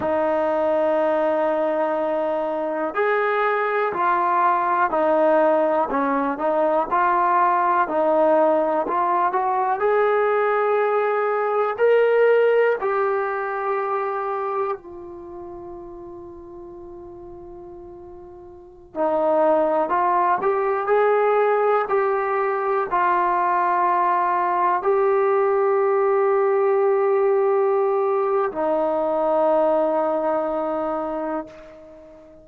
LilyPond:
\new Staff \with { instrumentName = "trombone" } { \time 4/4 \tempo 4 = 61 dis'2. gis'4 | f'4 dis'4 cis'8 dis'8 f'4 | dis'4 f'8 fis'8 gis'2 | ais'4 g'2 f'4~ |
f'2.~ f'16 dis'8.~ | dis'16 f'8 g'8 gis'4 g'4 f'8.~ | f'4~ f'16 g'2~ g'8.~ | g'4 dis'2. | }